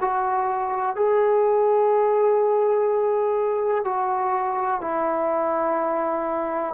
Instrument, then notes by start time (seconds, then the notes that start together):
trombone
0.00 F#4
0.95 G#4
3.84 F#4
4.81 E4